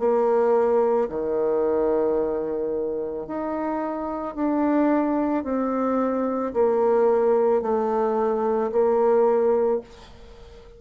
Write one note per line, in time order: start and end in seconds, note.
0.00 1.09 A#3
1.10 3.28 D#3
3.28 4.35 D#4
4.35 5.44 D4
5.44 6.54 C4
6.54 7.63 A#3
7.63 8.72 A3
8.72 9.81 A#3